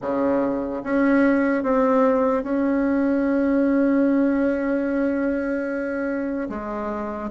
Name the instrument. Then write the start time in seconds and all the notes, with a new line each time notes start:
bassoon
0.01 C#3
0.83 C#4
1.63 C4
2.43 C#4
6.49 G#3